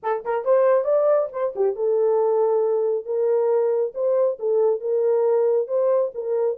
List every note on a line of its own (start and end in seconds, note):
0.02 0.24 A4
0.24 0.44 A#4
0.44 0.84 C5
0.84 1.28 D5
1.32 1.54 C5
1.55 1.75 G4
1.75 3.05 A4
3.05 3.93 A#4
3.94 4.38 C5
4.39 4.80 A4
4.80 5.67 A#4
5.67 6.11 C5
6.14 6.58 A#4